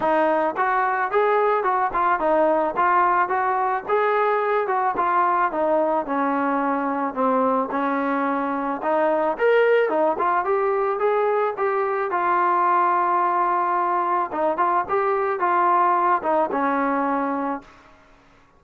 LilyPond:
\new Staff \with { instrumentName = "trombone" } { \time 4/4 \tempo 4 = 109 dis'4 fis'4 gis'4 fis'8 f'8 | dis'4 f'4 fis'4 gis'4~ | gis'8 fis'8 f'4 dis'4 cis'4~ | cis'4 c'4 cis'2 |
dis'4 ais'4 dis'8 f'8 g'4 | gis'4 g'4 f'2~ | f'2 dis'8 f'8 g'4 | f'4. dis'8 cis'2 | }